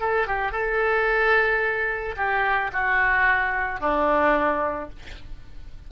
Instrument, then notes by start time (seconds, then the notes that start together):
oboe
0.00 A4
0.27 G4
0.52 A4
2.17 G4
2.73 F#4
3.80 D4